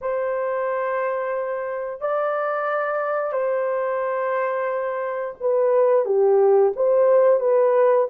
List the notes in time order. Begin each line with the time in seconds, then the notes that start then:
0.01 C5
2.00 D5
3.32 C5
5.40 B4
6.05 G4
6.76 C5
7.39 B4